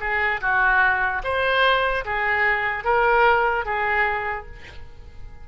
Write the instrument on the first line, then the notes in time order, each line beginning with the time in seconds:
oboe
0.00 G#4
0.41 F#4
1.24 C5
2.05 G#4
2.84 A#4
3.65 G#4